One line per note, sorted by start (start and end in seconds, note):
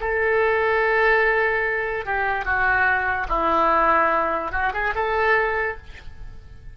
0.00 2.05 A4
2.05 2.45 G4
2.45 3.27 F#4
3.29 4.52 E4
4.52 4.72 F#4
4.73 4.94 G#4
4.95 5.77 A4